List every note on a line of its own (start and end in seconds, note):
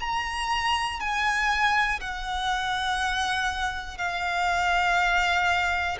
0.00 1.00 A#5
1.00 2.00 G#5
2.00 3.98 F#5
3.98 5.98 F5